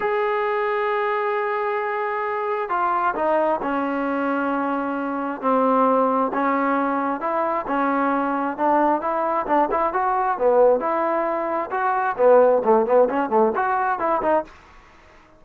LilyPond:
\new Staff \with { instrumentName = "trombone" } { \time 4/4 \tempo 4 = 133 gis'1~ | gis'2 f'4 dis'4 | cis'1 | c'2 cis'2 |
e'4 cis'2 d'4 | e'4 d'8 e'8 fis'4 b4 | e'2 fis'4 b4 | a8 b8 cis'8 a8 fis'4 e'8 dis'8 | }